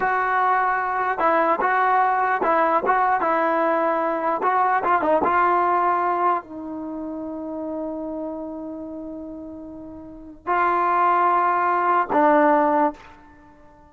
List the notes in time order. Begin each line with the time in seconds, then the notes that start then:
0.00 F#4
1.18 E4
1.61 F#4
2.43 E4
2.85 F#4
3.20 E4
4.43 F#4
4.84 F4
5.01 D#4
5.23 F4
6.43 D#4
10.46 F4
12.12 D4